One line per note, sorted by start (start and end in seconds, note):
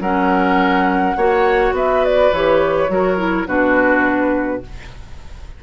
0.00 1.15 F#3
0.00 1.17 C#4
0.00 1.17 A#4
0.00 1.74 F#5
1.16 1.72 A#3
1.16 2.33 F#4
1.16 1.75 C#5
1.72 2.30 B3
1.72 2.91 B4
1.72 2.05 E5
2.05 2.34 D5
2.32 2.89 E3
2.32 2.89 G4
2.32 3.48 C#5
2.89 3.47 F#3
2.89 3.17 F#4
2.89 3.48 A#4
3.17 3.46 E4
3.47 4.62 B2
3.47 4.62 D4
3.47 4.63 F#4
3.47 4.63 B4